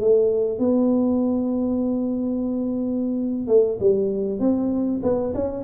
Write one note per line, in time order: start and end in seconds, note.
0.00 0.59 A3
0.59 3.47 B3
3.47 3.78 A3
3.80 4.39 G3
4.39 5.00 C4
5.03 5.33 B3
5.34 5.64 C#4